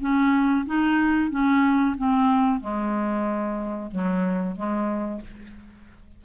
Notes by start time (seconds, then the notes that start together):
0.00 C#4
0.66 D#4
1.30 C#4
1.97 C4
2.60 G#3
3.91 F#3
4.56 G#3